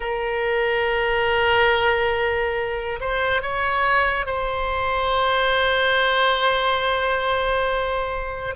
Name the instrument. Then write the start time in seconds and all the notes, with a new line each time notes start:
oboe
0.00 A#4
3.00 C5
3.42 C#5
4.26 C5